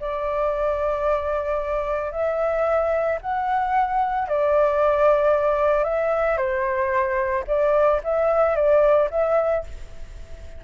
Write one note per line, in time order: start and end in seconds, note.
0.00 2.12 D5
2.12 3.19 E5
3.21 4.28 F#5
4.28 5.84 D5
5.84 6.37 E5
6.37 7.44 C5
7.47 8.01 D5
8.04 8.56 E5
8.56 9.09 D5
9.10 9.64 E5